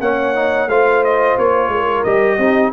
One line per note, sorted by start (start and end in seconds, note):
0.00 0.67 A#3
0.00 0.34 C#4
0.00 0.69 C#5
0.00 0.69 F#5
0.34 0.68 D#4
0.67 1.35 A3
0.67 2.06 F4
0.67 1.71 C5
0.67 1.03 F5
1.03 1.37 D#5
1.38 1.68 A#3
1.38 2.03 C#5
1.68 2.02 G#3
1.68 2.38 A#4
2.03 2.37 G3
2.03 2.40 G4
2.03 2.71 D#5
2.37 2.72 C4
2.37 2.73 D#4
2.37 2.72 G4